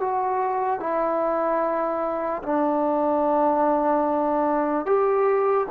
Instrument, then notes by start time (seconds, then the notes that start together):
trombone
0.00 F#4
0.80 E4
2.43 D4
4.86 G4